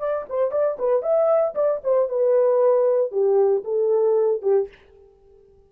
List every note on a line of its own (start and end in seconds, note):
0.00 0.26 D5
0.30 0.52 C5
0.52 0.78 D5
0.79 1.03 B4
1.03 1.55 E5
1.55 1.81 D5
1.84 2.09 C5
2.09 3.12 B4
3.12 3.64 G4
3.65 4.43 A4
4.43 4.69 G4